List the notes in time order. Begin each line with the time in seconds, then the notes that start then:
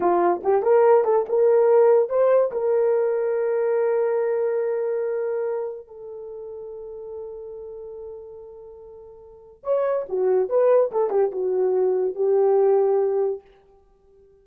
0.00 F4
0.43 G4
0.62 A#4
1.04 A4
1.29 A#4
2.09 C5
2.51 A#4
5.87 A4
9.63 C#5
10.09 F#4
10.49 B4
10.91 A4
11.10 G4
11.31 F#4
12.15 G4